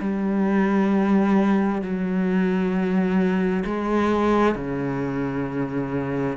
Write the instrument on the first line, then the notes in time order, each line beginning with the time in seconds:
cello
0.00 G3
1.82 F#3
3.65 G#3
4.55 C#3